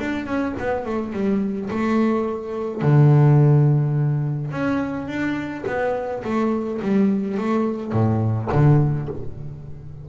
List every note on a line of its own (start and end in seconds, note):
0.00 0.26 D4
0.26 0.54 C#4
0.59 0.85 B3
0.85 1.13 A3
1.13 1.70 G3
1.70 2.82 A3
2.82 4.51 D3
4.51 5.08 C#4
5.08 5.64 D4
5.67 6.23 B3
6.24 6.81 A3
6.82 7.38 G3
7.38 7.93 A3
7.93 8.49 A2
8.52 9.09 D3